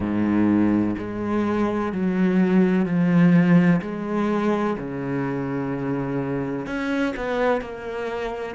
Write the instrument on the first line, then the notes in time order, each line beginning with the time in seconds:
cello
0.00 G#2
0.98 G#3
1.92 F#3
2.85 F3
3.81 G#3
4.78 C#3
6.66 C#4
7.16 B3
7.61 A#3